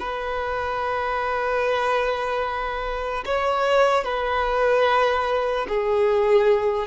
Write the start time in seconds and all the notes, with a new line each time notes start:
0.00 B4
3.26 C#5
4.05 B4
5.69 G#4